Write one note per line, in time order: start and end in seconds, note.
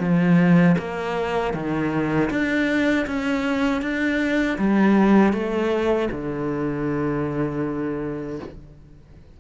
0.00 0.76 F3
0.78 1.54 A#3
1.54 2.30 D#3
2.30 3.06 D4
3.07 3.82 C#4
3.82 4.58 D4
4.58 5.33 G3
5.33 6.09 A3
6.11 8.39 D3